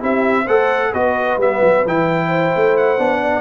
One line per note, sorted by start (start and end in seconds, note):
0.00 0.47 C4
0.00 0.46 E4
0.00 0.44 G4
0.00 0.48 E5
0.44 0.93 A3
0.44 0.94 A4
0.44 0.89 C5
0.44 0.94 F#5
0.92 1.37 B3
0.92 1.40 F#4
0.92 2.28 B4
0.92 1.40 D#5
1.37 1.60 G3
1.37 1.86 B3
1.37 1.87 E5
1.62 1.85 F#3
1.86 2.55 E3
1.86 2.98 E4
1.86 2.77 G5
2.28 3.19 C5
2.56 2.99 A3
2.77 3.42 F#5
2.98 3.42 B3
2.98 3.42 D4
3.22 3.42 D5